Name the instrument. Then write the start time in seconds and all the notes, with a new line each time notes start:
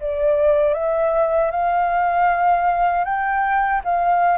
flute
0.00 D5
0.74 E5
1.51 F5
3.04 G5
3.84 F5